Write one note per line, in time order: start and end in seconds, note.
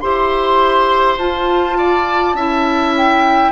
0.00 1.18 E4
0.00 1.19 G4
0.00 1.78 C5
0.00 1.18 C6
1.18 2.34 F4
1.18 2.36 F4
1.18 2.95 A5
1.78 2.36 D5
2.34 3.51 C#4
2.34 3.51 E4
2.34 3.51 E5
2.97 3.51 G5